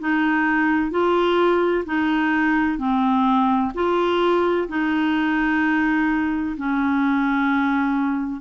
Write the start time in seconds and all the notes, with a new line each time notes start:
0.00 D#4
0.91 F4
1.86 D#4
2.78 C4
3.74 F4
4.69 D#4
6.57 C#4